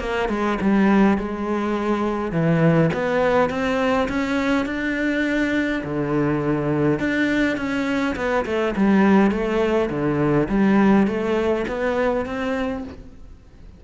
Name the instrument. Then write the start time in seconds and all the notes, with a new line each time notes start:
cello
0.00 A#3
0.29 G#3
0.61 G3
1.18 G#3
2.32 E3
2.93 B3
3.50 C4
4.09 C#4
4.66 D4
5.84 D3
7.00 D4
7.57 C#4
8.16 B3
8.45 A3
8.76 G3
9.31 A3
9.90 D3
10.49 G3
11.07 A3
11.68 B3
12.26 C4